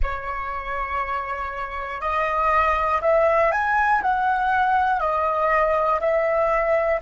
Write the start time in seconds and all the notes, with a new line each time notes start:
0.02 C#5
2.00 D#5
3.01 E5
3.51 G#5
4.01 F#5
5.00 D#5
6.00 E5